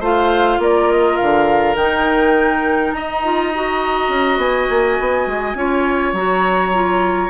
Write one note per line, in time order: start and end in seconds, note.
0.00 0.58 A3
0.00 1.76 F4
0.00 0.58 C5
0.00 0.62 F5
0.59 1.17 A#3
0.59 2.95 A#4
0.59 0.91 D5
0.91 1.17 D#5
1.17 1.75 D3
1.17 1.75 F5
1.75 2.92 D#3
1.75 3.24 D#4
1.75 2.92 G5
2.92 4.09 D#4
2.92 5.58 D#5
2.92 4.38 A#5
3.24 3.53 F4
3.55 5.57 F#4
4.09 4.37 C#4
4.37 4.67 B3
4.37 6.15 G#5
4.70 4.99 A#3
5.00 5.27 B3
5.27 5.55 G#3
5.55 6.13 C#4
5.55 6.15 F4
5.55 7.30 C#5
6.13 7.29 F#3
6.13 6.73 F#4
6.13 7.30 A#5
6.73 7.30 F4